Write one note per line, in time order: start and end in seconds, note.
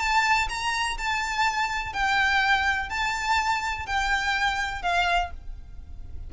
0.00 0.48 A5
0.50 0.98 A#5
0.98 1.94 A5
1.94 2.90 G5
2.90 3.87 A5
3.87 4.83 G5
4.83 5.31 F5